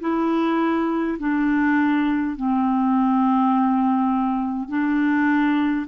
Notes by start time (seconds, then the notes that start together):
0.00 E4
1.19 D4
2.36 C4
4.68 D4